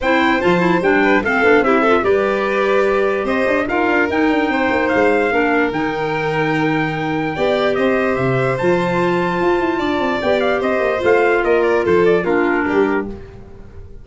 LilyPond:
<<
  \new Staff \with { instrumentName = "trumpet" } { \time 4/4 \tempo 4 = 147 g''4 a''4 g''4 f''4 | e''4 d''2. | dis''4 f''4 g''2 | f''2 g''2~ |
g''2. dis''4 | e''4 a''2.~ | a''4 g''8 f''8 dis''4 f''4 | dis''8 d''8 c''8 d''8 ais'2 | }
  \new Staff \with { instrumentName = "violin" } { \time 4/4 c''2~ c''8 b'8 a'4 | g'8 a'8 b'2. | c''4 ais'2 c''4~ | c''4 ais'2.~ |
ais'2 d''4 c''4~ | c''1 | d''2 c''2 | ais'4 a'4 f'4 g'4 | }
  \new Staff \with { instrumentName = "clarinet" } { \time 4/4 e'4 f'8 e'8 d'4 c'8 d'8 | e'8 f'8 g'2.~ | g'4 f'4 dis'2~ | dis'4 d'4 dis'2~ |
dis'2 g'2~ | g'4 f'2.~ | f'4 g'2 f'4~ | f'2 d'2 | }
  \new Staff \with { instrumentName = "tuba" } { \time 4/4 c'4 f4 g4 a8 b8 | c'4 g2. | c'8 d'8 dis'8 d'8 dis'8 d'8 c'8 ais8 | gis4 ais4 dis2~ |
dis2 b4 c'4 | c4 f2 f'8 e'8 | d'8 c'8 b4 c'8 ais8 a4 | ais4 f4 ais4 g4 | }
>>